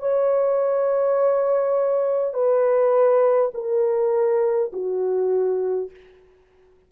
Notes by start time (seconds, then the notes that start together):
0.00 C#5
2.34 B4
3.54 A#4
4.73 F#4